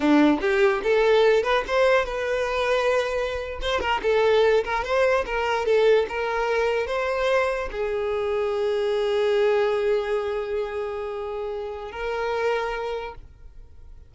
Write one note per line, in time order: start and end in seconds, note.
0.00 0.39 D4
0.41 0.82 G4
0.83 1.43 A4
1.43 1.63 B4
1.67 2.05 C5
2.05 3.59 B4
3.61 3.80 C5
3.80 4.01 A#4
4.02 4.64 A4
4.64 4.83 A#4
4.83 5.25 C5
5.26 5.65 A#4
5.65 6.06 A4
6.08 6.86 A#4
6.86 7.69 C5
7.71 11.91 G#4
11.91 13.15 A#4